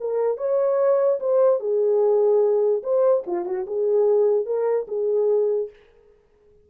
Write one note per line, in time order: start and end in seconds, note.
0.00 0.37 A#4
0.37 1.19 C#5
1.19 1.59 C5
1.59 2.82 G#4
2.83 3.24 C5
3.26 3.45 F4
3.45 3.65 F#4
3.66 4.46 G#4
4.46 4.86 A#4
4.88 5.69 G#4